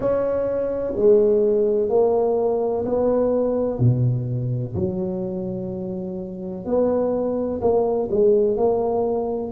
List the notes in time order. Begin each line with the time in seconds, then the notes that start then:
0.00 C#4
0.95 G#3
1.89 A#3
2.85 B3
3.79 B2
4.75 F#3
6.65 B3
7.61 A#3
8.10 G#3
8.57 A#3